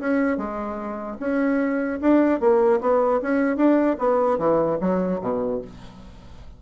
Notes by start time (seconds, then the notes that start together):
0.00 C#4
0.37 G#3
1.20 C#4
2.01 D4
2.40 A#3
2.81 B3
3.22 C#4
3.57 D4
3.99 B3
4.38 E3
4.81 F#3
5.21 B2